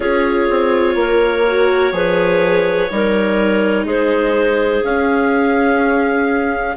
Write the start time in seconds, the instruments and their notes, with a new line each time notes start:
0.00 bassoon C#4, viola F4, clarinet G#4 C#5
0.50 bassoon C4
0.95 bassoon A#3, clarinet A#4
1.47 viola F#4
1.92 bassoon F3, viola G#4, clarinet B4
2.90 bassoon G3, viola D#4, clarinet A#4
3.85 bassoon G#3, clarinet G#4 C5
4.83 bassoon C#4, viola C#4, clarinet F5